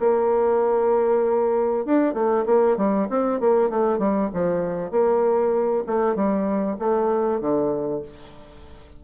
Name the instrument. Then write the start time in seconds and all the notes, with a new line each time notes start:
bassoon
0.00 A#3
1.86 D4
2.14 A3
2.46 A#3
2.77 G3
3.10 C4
3.40 A#3
3.70 A3
3.99 G3
4.34 F3
4.91 A#3
5.87 A3
6.15 G3
6.79 A3
7.41 D3